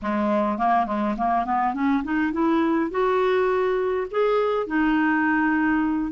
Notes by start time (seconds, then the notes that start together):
0.02 G#3
0.58 A#3
0.86 G#3
1.17 A#3
1.45 B3
1.73 C#4
2.03 D#4
2.32 E4
2.90 F#4
4.11 G#4
4.66 D#4